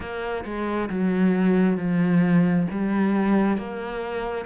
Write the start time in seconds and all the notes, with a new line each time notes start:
0.00 A#3
0.44 G#3
0.89 F#3
1.77 F3
2.70 G3
3.57 A#3